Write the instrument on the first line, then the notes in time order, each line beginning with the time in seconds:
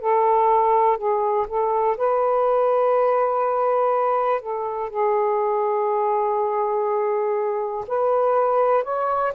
saxophone
0.00 A4
0.97 G#4
1.48 A4
1.97 B4
4.41 A4
4.90 G#4
7.87 B4
8.83 C#5